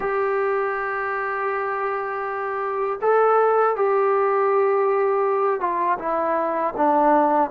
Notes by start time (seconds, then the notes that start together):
0.00 G4
3.01 A4
3.75 G4
5.60 F4
5.98 E4
6.76 D4